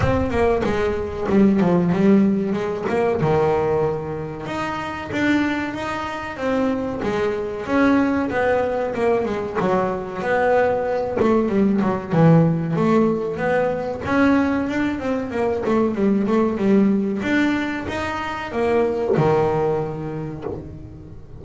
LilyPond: \new Staff \with { instrumentName = "double bass" } { \time 4/4 \tempo 4 = 94 c'8 ais8 gis4 g8 f8 g4 | gis8 ais8 dis2 dis'4 | d'4 dis'4 c'4 gis4 | cis'4 b4 ais8 gis8 fis4 |
b4. a8 g8 fis8 e4 | a4 b4 cis'4 d'8 c'8 | ais8 a8 g8 a8 g4 d'4 | dis'4 ais4 dis2 | }